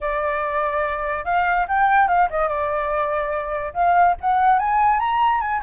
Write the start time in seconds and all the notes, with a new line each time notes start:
0.00 D5
1.24 F5
1.67 G5
2.08 F5
2.29 D#5
2.48 D5
3.73 F5
4.21 F#5
4.59 G#5
4.99 A#5
5.40 G#5